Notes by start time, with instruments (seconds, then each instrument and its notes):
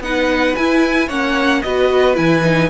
0.00 cello B3, viola D#4, violin B4 F#5
0.55 cello E4, viola E4, violin G#5
1.08 cello A#3, viola C#4, violin C#5 F#5
1.62 cello B3, viola F#4, violin B4 D#5
2.15 cello E3, viola E4, violin G#5
2.44 viola D#4